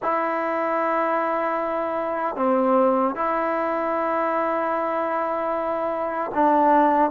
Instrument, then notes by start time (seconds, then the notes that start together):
trombone
0.02 E4
2.36 C4
3.15 E4
6.34 D4